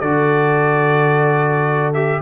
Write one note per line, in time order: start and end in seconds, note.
0.00 2.22 D3
0.00 1.94 F#4
0.00 2.21 A4
0.00 1.93 D5
1.94 2.22 G4
1.94 2.21 E5